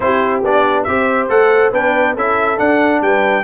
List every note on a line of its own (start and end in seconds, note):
0.00 0.43 C4
0.00 0.42 E4
0.00 0.86 G4
0.00 0.41 C5
0.43 0.86 B3
0.43 0.87 D4
0.43 0.83 D5
0.83 1.28 C4
0.83 1.29 G4
0.83 1.72 C5
0.83 1.27 E5
1.28 1.72 A3
1.28 1.72 A4
1.28 1.72 F#5
1.72 2.15 B3
1.72 2.16 D4
1.72 2.14 B4
1.72 2.16 G5
2.14 2.58 C#4
2.14 2.57 E4
2.14 3.00 A4
2.14 2.58 E5
2.57 3.43 D4
2.57 3.01 D4
2.57 3.02 F#5
3.01 3.43 G3
3.01 3.43 B4
3.01 3.43 G5